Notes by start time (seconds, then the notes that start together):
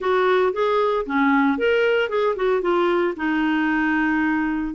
0.00 F#4
0.52 G#4
1.06 C#4
1.58 A#4
2.09 G#4
2.36 F#4
2.61 F4
3.16 D#4